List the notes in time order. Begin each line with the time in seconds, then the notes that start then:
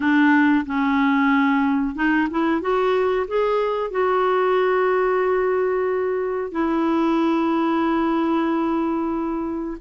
0.00 D4
0.66 C#4
1.95 D#4
2.30 E4
2.61 F#4
3.27 G#4
3.90 F#4
6.51 E4